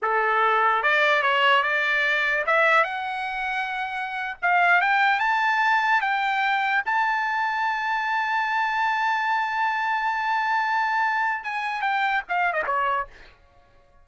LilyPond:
\new Staff \with { instrumentName = "trumpet" } { \time 4/4 \tempo 4 = 147 a'2 d''4 cis''4 | d''2 e''4 fis''4~ | fis''2~ fis''8. f''4 g''16~ | g''8. a''2 g''4~ g''16~ |
g''8. a''2.~ a''16~ | a''1~ | a''1 | gis''4 g''4 f''8. dis''16 cis''4 | }